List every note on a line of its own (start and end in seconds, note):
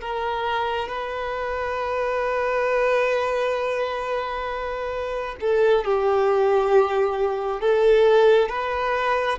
0.00 0.88 A#4
0.88 5.36 B4
5.41 5.85 A4
5.85 7.60 G4
7.60 8.49 A4
8.49 9.38 B4